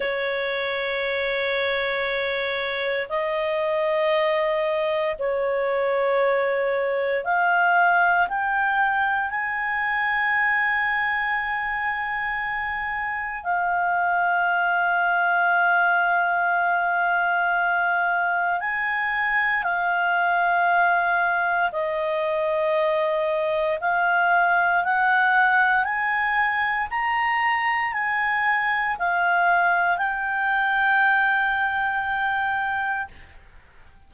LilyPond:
\new Staff \with { instrumentName = "clarinet" } { \time 4/4 \tempo 4 = 58 cis''2. dis''4~ | dis''4 cis''2 f''4 | g''4 gis''2.~ | gis''4 f''2.~ |
f''2 gis''4 f''4~ | f''4 dis''2 f''4 | fis''4 gis''4 ais''4 gis''4 | f''4 g''2. | }